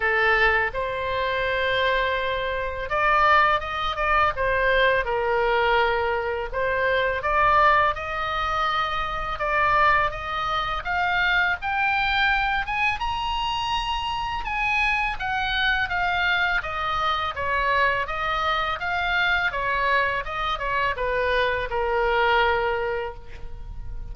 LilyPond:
\new Staff \with { instrumentName = "oboe" } { \time 4/4 \tempo 4 = 83 a'4 c''2. | d''4 dis''8 d''8 c''4 ais'4~ | ais'4 c''4 d''4 dis''4~ | dis''4 d''4 dis''4 f''4 |
g''4. gis''8 ais''2 | gis''4 fis''4 f''4 dis''4 | cis''4 dis''4 f''4 cis''4 | dis''8 cis''8 b'4 ais'2 | }